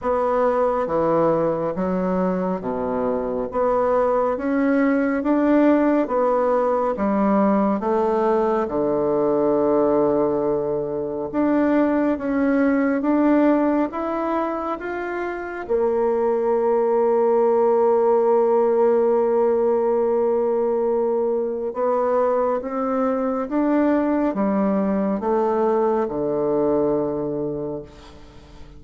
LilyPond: \new Staff \with { instrumentName = "bassoon" } { \time 4/4 \tempo 4 = 69 b4 e4 fis4 b,4 | b4 cis'4 d'4 b4 | g4 a4 d2~ | d4 d'4 cis'4 d'4 |
e'4 f'4 ais2~ | ais1~ | ais4 b4 c'4 d'4 | g4 a4 d2 | }